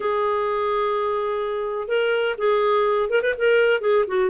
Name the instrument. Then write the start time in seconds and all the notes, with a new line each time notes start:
clarinet
0.00 G#4
1.87 A#4
2.38 G#4
3.09 A#4
3.22 B4
3.38 A#4
3.81 G#4
4.07 F#4